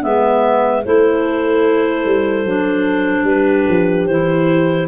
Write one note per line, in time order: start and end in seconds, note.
0.00 0.85 G#3
0.00 0.81 B3
0.00 0.86 B4
0.00 0.84 E5
0.85 2.05 A3
0.85 2.47 E4
0.85 3.29 A4
0.85 3.26 C5
2.05 2.44 G3
2.44 3.23 F#3
2.44 4.09 D4
3.23 3.64 G3
3.23 4.88 G4
3.23 4.06 B4
3.69 4.07 F3
4.06 4.88 E3
4.06 4.88 E4
4.06 4.87 C5